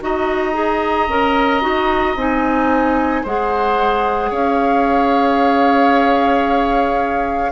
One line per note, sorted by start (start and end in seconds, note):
0.00 1.08 D#4
0.00 0.53 F#4
0.00 3.23 D#5
0.00 2.18 A#5
0.53 1.06 G#4
1.08 1.62 C#4
1.08 1.61 A#4
1.61 2.16 D#4
1.61 2.15 F#4
2.16 3.23 C4
2.16 3.25 D#4
2.16 3.25 G#5
3.23 4.31 G#3
3.23 7.52 G#4
3.23 4.30 C5
3.23 4.31 F#5
4.30 7.52 C#4
4.30 7.51 C#5
4.30 7.52 F5